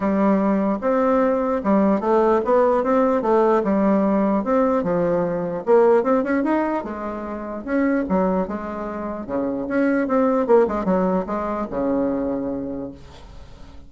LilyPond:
\new Staff \with { instrumentName = "bassoon" } { \time 4/4 \tempo 4 = 149 g2 c'2 | g4 a4 b4 c'4 | a4 g2 c'4 | f2 ais4 c'8 cis'8 |
dis'4 gis2 cis'4 | fis4 gis2 cis4 | cis'4 c'4 ais8 gis8 fis4 | gis4 cis2. | }